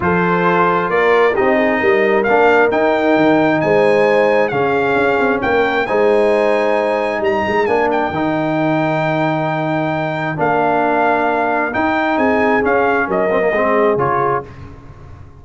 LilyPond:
<<
  \new Staff \with { instrumentName = "trumpet" } { \time 4/4 \tempo 4 = 133 c''2 d''4 dis''4~ | dis''4 f''4 g''2 | gis''2 f''2 | g''4 gis''2. |
ais''4 gis''8 g''2~ g''8~ | g''2. f''4~ | f''2 g''4 gis''4 | f''4 dis''2 cis''4 | }
  \new Staff \with { instrumentName = "horn" } { \time 4/4 a'2 ais'4 g'8 gis'8 | ais'1 | c''2 gis'2 | ais'4 c''2. |
ais'1~ | ais'1~ | ais'2. gis'4~ | gis'4 ais'4 gis'2 | }
  \new Staff \with { instrumentName = "trombone" } { \time 4/4 f'2. dis'4~ | dis'4 d'4 dis'2~ | dis'2 cis'2~ | cis'4 dis'2.~ |
dis'4 d'4 dis'2~ | dis'2. d'4~ | d'2 dis'2 | cis'4. c'16 ais16 c'4 f'4 | }
  \new Staff \with { instrumentName = "tuba" } { \time 4/4 f2 ais4 c'4 | g4 ais4 dis'4 dis4 | gis2 cis4 cis'8 c'8 | ais4 gis2. |
g8 gis8 ais4 dis2~ | dis2. ais4~ | ais2 dis'4 c'4 | cis'4 fis4 gis4 cis4 | }
>>